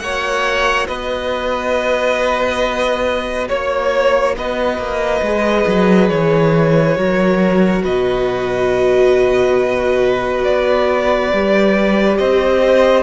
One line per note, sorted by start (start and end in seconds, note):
0.00 0.88 A#3
0.00 5.24 F#4
0.00 0.88 C#5
0.00 0.87 F#5
0.87 3.49 B3
0.87 3.49 B4
0.87 3.48 D#5
3.49 4.37 A#3
3.49 4.36 C#5
4.37 4.78 B3
4.37 6.97 B4
4.37 6.09 D#5
4.78 5.21 A#3
5.22 5.65 G#3
5.22 6.96 G#4
5.67 6.10 F#3
6.09 6.97 E3
6.09 7.83 C#5
6.96 7.84 F#3
6.96 11.31 F#4
6.96 7.83 A#4
7.83 10.46 B2
7.83 12.18 B4
7.83 10.45 D#5
10.45 11.33 B3
10.45 12.18 D5
11.33 12.20 G3
11.33 13.03 G4
12.18 13.03 C4
12.18 13.03 C5
12.18 13.03 D#5